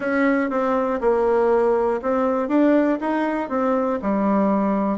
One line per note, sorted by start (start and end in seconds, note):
0.00 0.50 C#4
0.50 1.00 C4
1.00 2.00 A#3
2.02 2.48 C4
2.48 2.98 D4
3.00 3.49 D#4
3.49 3.99 C4
4.02 4.98 G3